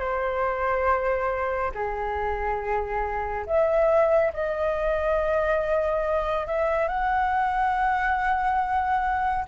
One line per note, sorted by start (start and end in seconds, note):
0.00 1.71 C5
1.74 3.46 G#4
3.46 4.32 E5
4.33 6.46 D#5
6.46 6.88 E5
6.88 9.45 F#5